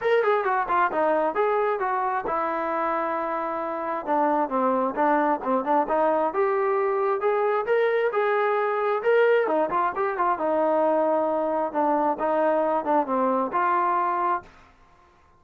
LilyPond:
\new Staff \with { instrumentName = "trombone" } { \time 4/4 \tempo 4 = 133 ais'8 gis'8 fis'8 f'8 dis'4 gis'4 | fis'4 e'2.~ | e'4 d'4 c'4 d'4 | c'8 d'8 dis'4 g'2 |
gis'4 ais'4 gis'2 | ais'4 dis'8 f'8 g'8 f'8 dis'4~ | dis'2 d'4 dis'4~ | dis'8 d'8 c'4 f'2 | }